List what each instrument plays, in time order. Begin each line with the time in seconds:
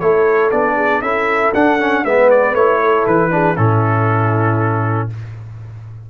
0.00 tuba A3, trombone E4, horn A4, trumpet C#5
0.52 tuba B3, trombone D4, trumpet D5
0.76 horn G#4
1.02 tuba C#4, trombone E4, horn A4, trumpet E5
1.55 tuba D4, trombone D4, trumpet F#5
1.80 trombone C#4
2.05 tuba G#3, trombone B3, horn B4, trumpet E5
2.31 trumpet D5
2.54 tuba A3, trombone E4, trumpet C#5
2.81 horn A4
3.07 tuba E3, trumpet B4
3.31 trombone D4, horn G#4
3.56 tuba A2, trombone C#4, horn E4, trumpet A4